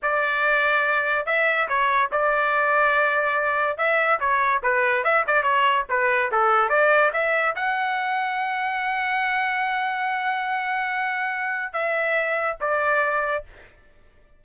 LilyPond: \new Staff \with { instrumentName = "trumpet" } { \time 4/4 \tempo 4 = 143 d''2. e''4 | cis''4 d''2.~ | d''4 e''4 cis''4 b'4 | e''8 d''8 cis''4 b'4 a'4 |
d''4 e''4 fis''2~ | fis''1~ | fis''1 | e''2 d''2 | }